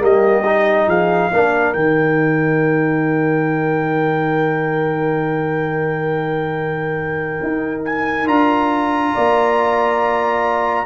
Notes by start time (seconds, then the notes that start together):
0.00 G3 A#3 G4 D#5
0.45 D#4
0.87 F3 G#4 F5
1.32 A#3 D4 A#4
1.74 D#3 D#4 G5
7.43 D#4
7.85 G#5
8.26 D4 F4 A#5
9.14 A#3 D5